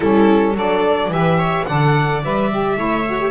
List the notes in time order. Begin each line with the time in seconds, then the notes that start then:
0.00 G3 C#4 E4 A4
0.54 F#3 D4 A4 D5
1.08 E3 G4 E5
1.14 B4
1.37 C#5
1.65 D3 A4 D5 F#5
2.23 G3 B4 E5
2.50 G4
2.76 A3 E4 C#5
3.08 F#4
3.19 G4